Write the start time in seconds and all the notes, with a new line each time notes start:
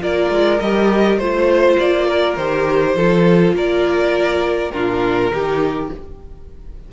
0.00 A#3 F4 A#4 D5
0.30 G#3
0.60 G3 G4 D#5
1.18 A3 F4 C5
1.79 A#3 D5
2.07 A#4
2.36 D#3 G4 C5
2.95 F3 F4 A4
3.52 A#3 A#4 D5
4.71 A#2 D4 F4 A#4
5.31 D#3 D#4 G4